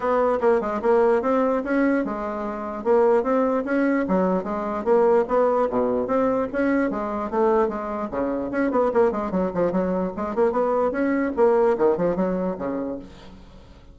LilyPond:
\new Staff \with { instrumentName = "bassoon" } { \time 4/4 \tempo 4 = 148 b4 ais8 gis8 ais4 c'4 | cis'4 gis2 ais4 | c'4 cis'4 fis4 gis4 | ais4 b4 b,4 c'4 |
cis'4 gis4 a4 gis4 | cis4 cis'8 b8 ais8 gis8 fis8 f8 | fis4 gis8 ais8 b4 cis'4 | ais4 dis8 f8 fis4 cis4 | }